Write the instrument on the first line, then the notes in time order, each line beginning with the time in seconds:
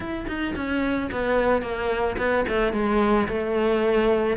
cello
0.00 E4
0.27 D#4
0.55 C#4
1.11 B3
1.61 A#3
2.17 B3
2.48 A3
2.72 G#3
3.28 A3